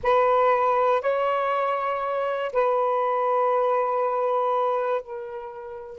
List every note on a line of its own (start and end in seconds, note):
0.03 1.01 B4
1.01 2.51 C#5
2.52 5.01 B4
5.01 5.99 A#4